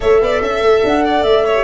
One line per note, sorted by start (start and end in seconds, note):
0.00 0.21 A3
0.00 1.54 A4
0.00 0.21 C#5
0.00 0.83 E5
0.21 0.41 B3
0.21 0.42 D5
0.41 0.61 C#4
0.41 1.04 E5
0.61 0.82 A3
0.84 1.23 D4
0.84 1.23 F#5
1.04 1.45 D5
1.23 1.63 A3
1.23 1.63 E5
1.45 1.63 C#5
1.55 1.63 G4